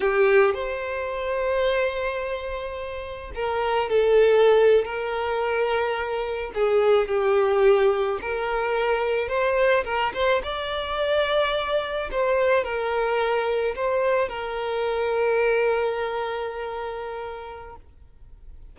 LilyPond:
\new Staff \with { instrumentName = "violin" } { \time 4/4 \tempo 4 = 108 g'4 c''2.~ | c''2 ais'4 a'4~ | a'8. ais'2. gis'16~ | gis'8. g'2 ais'4~ ais'16~ |
ais'8. c''4 ais'8 c''8 d''4~ d''16~ | d''4.~ d''16 c''4 ais'4~ ais'16~ | ais'8. c''4 ais'2~ ais'16~ | ais'1 | }